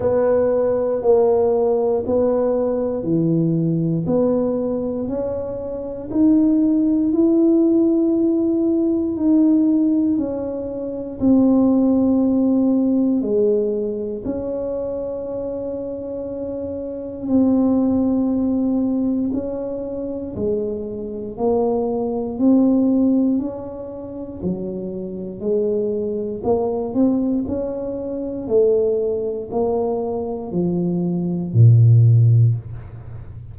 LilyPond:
\new Staff \with { instrumentName = "tuba" } { \time 4/4 \tempo 4 = 59 b4 ais4 b4 e4 | b4 cis'4 dis'4 e'4~ | e'4 dis'4 cis'4 c'4~ | c'4 gis4 cis'2~ |
cis'4 c'2 cis'4 | gis4 ais4 c'4 cis'4 | fis4 gis4 ais8 c'8 cis'4 | a4 ais4 f4 ais,4 | }